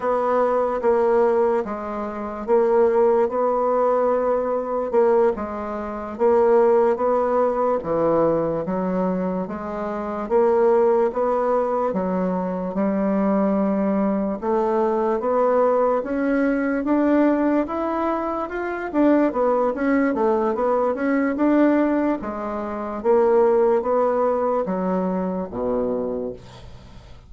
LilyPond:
\new Staff \with { instrumentName = "bassoon" } { \time 4/4 \tempo 4 = 73 b4 ais4 gis4 ais4 | b2 ais8 gis4 ais8~ | ais8 b4 e4 fis4 gis8~ | gis8 ais4 b4 fis4 g8~ |
g4. a4 b4 cis'8~ | cis'8 d'4 e'4 f'8 d'8 b8 | cis'8 a8 b8 cis'8 d'4 gis4 | ais4 b4 fis4 b,4 | }